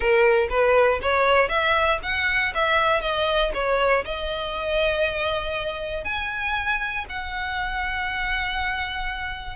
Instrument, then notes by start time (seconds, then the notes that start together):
violin
0.00 A#4
0.49 B4
1.02 C#5
1.49 E5
2.02 F#5
2.54 E5
3.00 D#5
3.54 C#5
4.04 D#5
6.04 G#5
7.09 F#5